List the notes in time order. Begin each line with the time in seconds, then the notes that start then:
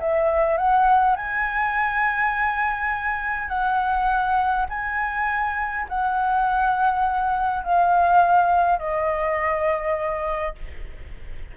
0.00 E5
0.57 F#5
1.16 G#5
3.49 F#5
4.69 G#5
5.89 F#5
7.64 F5
8.79 D#5